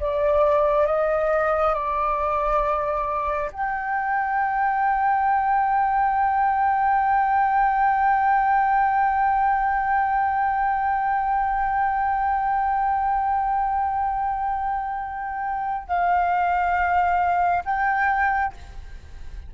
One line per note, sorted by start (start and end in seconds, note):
0.00 0.87 D5
0.87 1.74 D#5
1.74 3.51 D5
3.53 15.88 G5
15.88 17.64 F5
17.65 18.53 G5